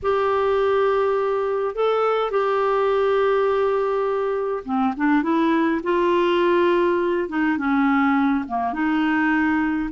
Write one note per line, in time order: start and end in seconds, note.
0.02 1.75 G4
1.75 2.30 A4
2.30 4.63 G4
4.64 4.94 C4
4.96 5.23 D4
5.23 5.81 E4
5.83 7.28 F4
7.28 7.57 D#4
7.57 8.44 C#4
8.48 8.73 A#3
8.73 9.89 D#4